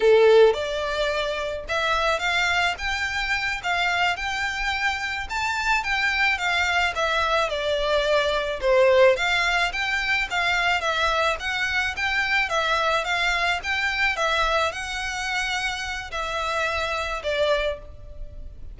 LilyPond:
\new Staff \with { instrumentName = "violin" } { \time 4/4 \tempo 4 = 108 a'4 d''2 e''4 | f''4 g''4. f''4 g''8~ | g''4. a''4 g''4 f''8~ | f''8 e''4 d''2 c''8~ |
c''8 f''4 g''4 f''4 e''8~ | e''8 fis''4 g''4 e''4 f''8~ | f''8 g''4 e''4 fis''4.~ | fis''4 e''2 d''4 | }